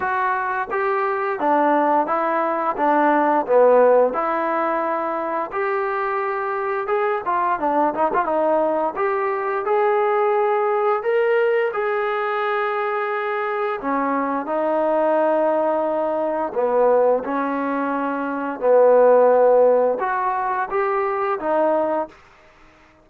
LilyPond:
\new Staff \with { instrumentName = "trombone" } { \time 4/4 \tempo 4 = 87 fis'4 g'4 d'4 e'4 | d'4 b4 e'2 | g'2 gis'8 f'8 d'8 dis'16 f'16 | dis'4 g'4 gis'2 |
ais'4 gis'2. | cis'4 dis'2. | b4 cis'2 b4~ | b4 fis'4 g'4 dis'4 | }